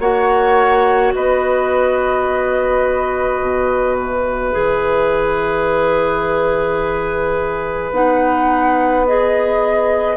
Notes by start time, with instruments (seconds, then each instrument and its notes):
0.00 bassoon A#3, clarinet F#4, oboe C#5, flute F#5
1.15 bassoon B3, oboe B4, flute D#5
3.42 bassoon B2
3.97 flute E5
4.52 bassoon E3, clarinet G#4
7.92 bassoon B3, clarinet D#4, flute F#5
9.07 clarinet G#4, flute D#5